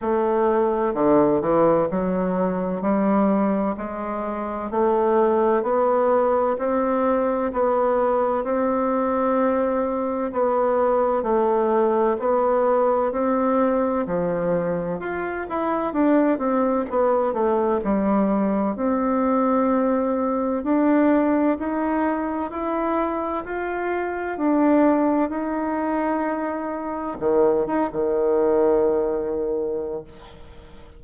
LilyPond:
\new Staff \with { instrumentName = "bassoon" } { \time 4/4 \tempo 4 = 64 a4 d8 e8 fis4 g4 | gis4 a4 b4 c'4 | b4 c'2 b4 | a4 b4 c'4 f4 |
f'8 e'8 d'8 c'8 b8 a8 g4 | c'2 d'4 dis'4 | e'4 f'4 d'4 dis'4~ | dis'4 dis8 dis'16 dis2~ dis16 | }